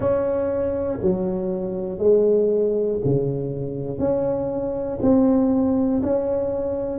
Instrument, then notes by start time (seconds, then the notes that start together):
tuba
0.00 C#4
1.01 F#3
1.98 G#3
3.05 C#3
3.98 C#4
5.01 C4
6.02 C#4